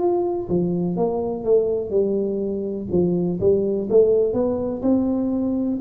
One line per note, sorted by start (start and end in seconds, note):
0.00 0.48 F4
0.50 0.97 F3
0.97 1.45 A#3
1.45 1.91 A3
1.91 2.88 G3
2.92 3.40 F3
3.41 3.89 G3
3.90 4.34 A3
4.34 4.82 B3
4.83 5.79 C4